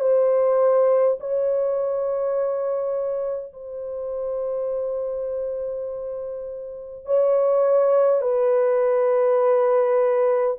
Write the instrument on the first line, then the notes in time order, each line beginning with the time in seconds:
horn
0.00 C5
1.20 C#5
3.52 C5
7.05 C#5
8.21 B4